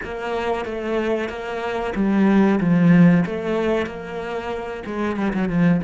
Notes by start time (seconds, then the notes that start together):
0.04 A#3
0.65 A3
1.29 A#3
1.95 G3
2.60 F3
3.26 A3
3.86 A#3
4.86 G#3
5.16 G3
5.33 F#3
5.48 F3